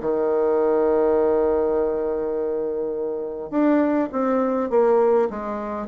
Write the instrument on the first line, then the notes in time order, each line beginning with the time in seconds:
bassoon
0.00 D#3
3.50 D4
4.12 C4
4.70 A#3
5.30 G#3